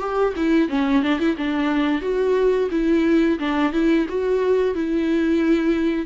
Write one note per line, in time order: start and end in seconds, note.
0.00 0.34 G4
0.36 0.69 E4
0.69 1.03 C#4
1.03 1.20 D4
1.20 1.36 E4
1.37 2.01 D4
2.01 2.69 F#4
2.71 3.39 E4
3.39 3.73 D4
3.73 4.06 E4
4.08 4.75 F#4
4.75 6.06 E4